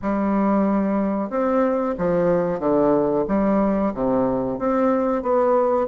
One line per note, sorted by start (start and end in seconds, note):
0.01 1.30 G3
1.30 1.95 C4
1.98 2.59 F3
2.59 3.25 D3
3.28 3.93 G3
3.94 4.58 C3
4.58 5.22 C4
5.22 5.87 B3